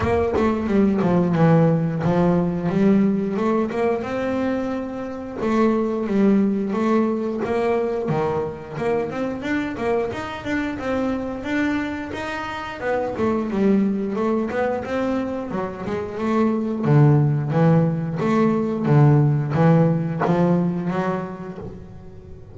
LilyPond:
\new Staff \with { instrumentName = "double bass" } { \time 4/4 \tempo 4 = 89 ais8 a8 g8 f8 e4 f4 | g4 a8 ais8 c'2 | a4 g4 a4 ais4 | dis4 ais8 c'8 d'8 ais8 dis'8 d'8 |
c'4 d'4 dis'4 b8 a8 | g4 a8 b8 c'4 fis8 gis8 | a4 d4 e4 a4 | d4 e4 f4 fis4 | }